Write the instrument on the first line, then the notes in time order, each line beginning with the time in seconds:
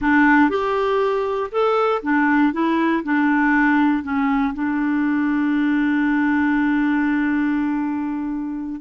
clarinet
0.01 D4
0.49 G4
1.51 A4
2.02 D4
2.52 E4
3.03 D4
4.03 C#4
4.54 D4